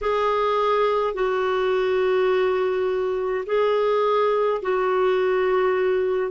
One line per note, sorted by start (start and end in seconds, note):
0.01 1.13 G#4
1.13 3.44 F#4
3.46 4.61 G#4
4.62 6.31 F#4